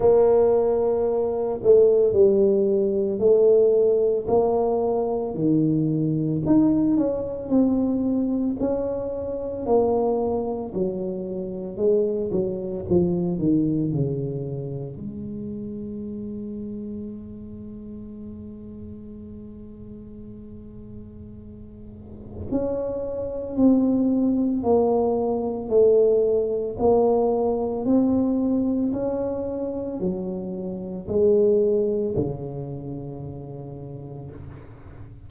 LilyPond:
\new Staff \with { instrumentName = "tuba" } { \time 4/4 \tempo 4 = 56 ais4. a8 g4 a4 | ais4 dis4 dis'8 cis'8 c'4 | cis'4 ais4 fis4 gis8 fis8 | f8 dis8 cis4 gis2~ |
gis1~ | gis4 cis'4 c'4 ais4 | a4 ais4 c'4 cis'4 | fis4 gis4 cis2 | }